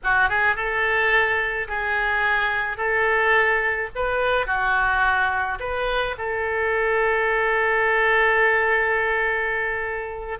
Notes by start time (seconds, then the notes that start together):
0.03 F#4
0.29 G#4
0.55 A4
1.68 G#4
2.77 A4
3.95 B4
4.46 F#4
5.59 B4
6.18 A4